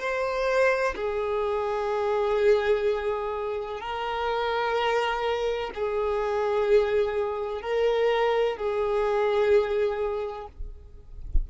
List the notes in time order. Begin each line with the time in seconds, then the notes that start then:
0.00 C5
0.96 G#4
3.81 A#4
5.75 G#4
7.62 A#4
8.57 G#4